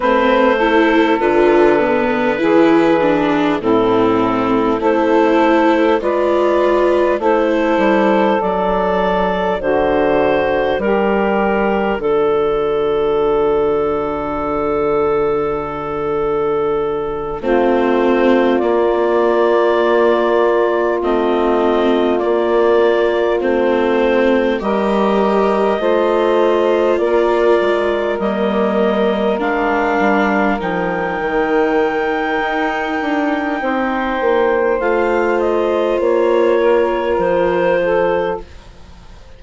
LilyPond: <<
  \new Staff \with { instrumentName = "clarinet" } { \time 4/4 \tempo 4 = 50 c''4 b'2 a'4 | c''4 d''4 c''4 d''4 | c''4 ais'4 a'2~ | a'2~ a'8 c''4 d''8~ |
d''4. dis''4 d''4 c''8~ | c''8 dis''2 d''4 dis''8~ | dis''8 f''4 g''2~ g''8~ | g''4 f''8 dis''8 cis''4 c''4 | }
  \new Staff \with { instrumentName = "saxophone" } { \time 4/4 b'8 a'4. gis'4 e'4 | a'4 b'4 a'2 | fis'4 g'4 fis'2~ | fis'2~ fis'8 f'4.~ |
f'1~ | f'8 ais'4 c''4 ais'4.~ | ais'1 | c''2~ c''8 ais'4 a'8 | }
  \new Staff \with { instrumentName = "viola" } { \time 4/4 c'8 e'8 f'8 b8 e'8 d'8 c'4 | e'4 f'4 e'4 d'4~ | d'1~ | d'2~ d'8 c'4 ais8~ |
ais4. c'4 ais4 c'8~ | c'8 g'4 f'2 ais8~ | ais8 d'4 dis'2~ dis'8~ | dis'4 f'2. | }
  \new Staff \with { instrumentName = "bassoon" } { \time 4/4 a4 d4 e4 a,4 | a4 gis4 a8 g8 fis4 | d4 g4 d2~ | d2~ d8 a4 ais8~ |
ais4. a4 ais4 a8~ | a8 g4 a4 ais8 gis8 g8~ | g8 gis8 g8 f8 dis4 dis'8 d'8 | c'8 ais8 a4 ais4 f4 | }
>>